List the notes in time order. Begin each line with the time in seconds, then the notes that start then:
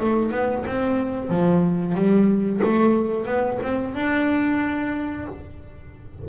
0.00 A3
0.31 B3
0.66 C4
1.29 F3
1.95 G3
2.63 A3
3.26 B3
3.63 C4
3.94 D4